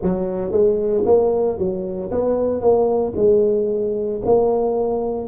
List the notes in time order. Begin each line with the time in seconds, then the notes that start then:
0.02 F#3
0.51 G#3
1.05 A#3
1.58 F#3
2.11 B3
2.60 A#3
3.16 G#3
4.25 A#3